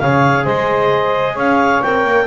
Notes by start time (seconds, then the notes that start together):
0.00 C#3 G#4 C#5 F5
0.44 G#3 C5 D#5
1.34 C#4 C#5 F5
1.83 C4 A#4 G5
2.04 A#3